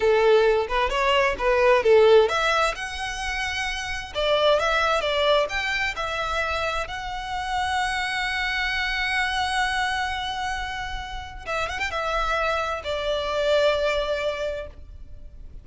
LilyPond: \new Staff \with { instrumentName = "violin" } { \time 4/4 \tempo 4 = 131 a'4. b'8 cis''4 b'4 | a'4 e''4 fis''2~ | fis''4 d''4 e''4 d''4 | g''4 e''2 fis''4~ |
fis''1~ | fis''1~ | fis''4 e''8 fis''16 g''16 e''2 | d''1 | }